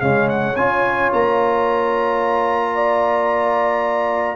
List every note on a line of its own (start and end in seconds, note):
0.00 0.56 C#3
0.00 0.55 G#3
0.00 2.75 C#5
0.00 0.29 F5
0.29 0.56 F#5
0.56 1.11 C#4
0.56 4.36 F4
0.56 1.11 G#5
1.13 4.36 A#3
1.13 4.36 A#5
2.75 4.36 D5